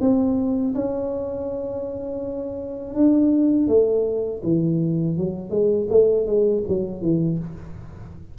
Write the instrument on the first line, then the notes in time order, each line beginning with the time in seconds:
tuba
0.00 C4
0.74 C#4
2.94 D4
3.67 A3
4.43 E3
5.17 F#3
5.50 G#3
5.89 A3
6.26 G#3
6.68 F#3
7.01 E3